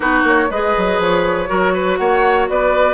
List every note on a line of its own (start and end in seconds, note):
0.00 0.23 B3
0.00 0.47 D#4
0.00 0.49 F#4
0.00 0.24 B4
0.23 0.48 A#3
0.23 0.51 C#5
0.50 0.75 G#3
0.50 1.47 G#4
0.50 1.49 B4
0.50 1.01 D#5
0.77 0.99 F#3
0.99 1.48 F3
0.99 1.96 C#5
1.47 1.99 F#3
1.47 2.94 F#4
1.47 1.73 A#4
1.73 1.98 B4
1.96 2.48 A#3
1.96 2.49 C#5
1.96 2.46 F#5
2.49 2.94 B3
2.49 2.94 B4
2.49 2.94 D5